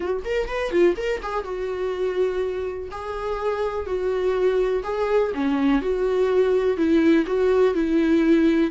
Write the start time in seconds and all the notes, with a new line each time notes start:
0.00 F#4
0.24 A#4
0.48 B4
0.71 F4
0.96 A#4
1.22 G#4
1.43 F#4
2.91 G#4
3.86 F#4
4.83 G#4
5.34 C#4
5.81 F#4
6.77 E4
7.26 F#4
7.74 E4